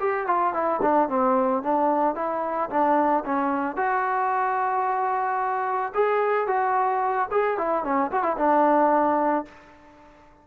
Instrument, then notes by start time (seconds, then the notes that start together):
trombone
0.00 G4
0.27 F4
0.54 E4
0.82 D4
1.09 C4
1.63 D4
2.16 E4
2.70 D4
3.25 C#4
3.77 F#4
5.95 G#4
6.48 F#4
7.31 G#4
7.58 E4
7.84 C#4
8.12 F#4
8.23 E4
8.37 D4